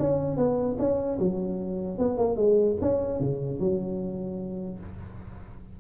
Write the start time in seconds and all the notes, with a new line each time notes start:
0.00 C#4
0.37 B3
0.79 C#4
1.20 F#3
1.99 B3
2.18 A#3
2.37 G#3
2.82 C#4
3.21 C#3
3.60 F#3